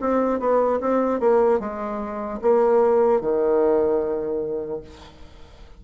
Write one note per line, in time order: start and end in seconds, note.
0.00 0.39 C4
0.39 0.79 B3
0.80 1.20 C4
1.20 1.59 A#3
1.59 2.39 G#3
2.41 3.20 A#3
3.20 4.80 D#3